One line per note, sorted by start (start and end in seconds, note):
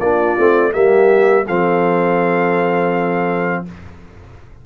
0.00 0.36 A#3
0.00 0.38 D4
0.00 0.72 F4
0.00 0.73 D5
0.38 0.75 A3
0.38 0.72 C4
0.72 1.48 G3
0.72 1.44 A#3
0.72 1.45 G4
0.72 1.46 E5
1.46 3.65 F3
1.46 3.66 C4
1.46 3.63 A4
1.46 3.65 F5